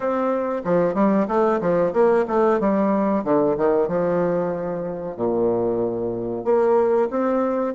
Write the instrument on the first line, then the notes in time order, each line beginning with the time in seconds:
bassoon
0.00 C4
0.64 F3
0.94 G3
1.28 A3
1.60 F3
1.93 A#3
2.27 A3
2.60 G3
3.24 D3
3.57 D#3
3.88 F3
5.16 A#2
6.44 A#3
7.10 C4